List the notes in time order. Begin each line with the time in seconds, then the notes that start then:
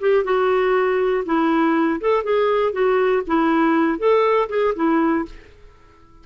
0.00 G4
0.24 F#4
1.25 E4
2.00 A4
2.23 G#4
2.72 F#4
3.26 E4
3.98 A4
4.49 G#4
4.75 E4